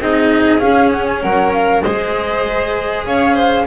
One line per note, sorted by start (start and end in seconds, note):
0.00 0.61 C4
0.00 0.60 D#4
0.00 1.23 G#4
0.00 0.60 D#5
0.60 1.82 C#4
0.60 1.23 C#4
0.60 0.91 F5
0.92 1.06 F#5
1.06 1.21 G#5
1.22 1.84 F#3
1.22 1.83 A#4
1.22 1.53 F#5
1.53 1.82 F5
1.82 3.06 G#3
1.82 3.67 G#4
1.82 3.06 C5
1.82 3.05 D#5
3.06 3.67 C#4
3.06 3.35 C#5
3.06 3.67 F5
3.35 3.65 C5